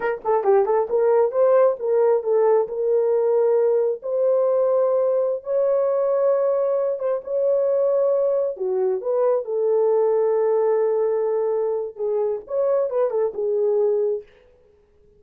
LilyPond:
\new Staff \with { instrumentName = "horn" } { \time 4/4 \tempo 4 = 135 ais'8 a'8 g'8 a'8 ais'4 c''4 | ais'4 a'4 ais'2~ | ais'4 c''2.~ | c''16 cis''2.~ cis''8 c''16~ |
c''16 cis''2. fis'8.~ | fis'16 b'4 a'2~ a'8.~ | a'2. gis'4 | cis''4 b'8 a'8 gis'2 | }